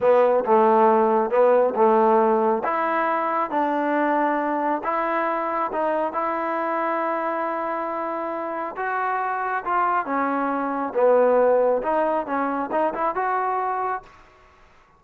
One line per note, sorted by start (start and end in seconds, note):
0.00 0.44 B3
0.45 1.30 A3
1.30 1.74 B3
1.75 2.62 A3
2.64 3.50 E4
3.50 4.82 D4
4.83 5.71 E4
5.72 6.12 D#4
6.12 8.75 E4
8.76 9.63 F#4
9.65 10.05 F4
10.05 10.93 C#4
10.94 11.81 B3
11.82 12.26 D#4
12.26 12.70 C#4
12.71 12.93 D#4
12.94 13.15 E4
13.15 14.03 F#4